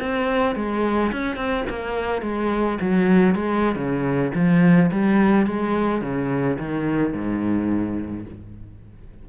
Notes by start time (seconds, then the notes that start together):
0.00 C4
0.56 G#3
1.13 C#4
1.36 C4
1.70 A#3
2.22 G#3
2.81 F#3
3.35 G#3
3.76 C#3
4.35 F3
4.91 G3
5.46 G#3
6.02 C#3
6.59 D#3
7.13 G#2